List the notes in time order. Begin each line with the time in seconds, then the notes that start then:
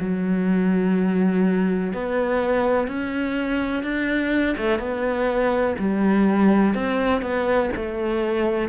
0.00 F#3
1.93 B3
2.88 C#4
3.83 D4
4.57 A3
4.79 B3
5.79 G3
6.74 C4
7.21 B3
7.76 A3